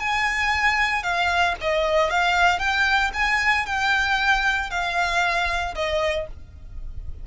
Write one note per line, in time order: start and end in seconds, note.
0.00 1.03 G#5
1.03 1.56 F5
1.62 2.11 D#5
2.11 2.59 F5
2.59 3.12 G5
3.14 3.66 G#5
3.67 4.71 G5
4.71 5.75 F5
5.75 6.28 D#5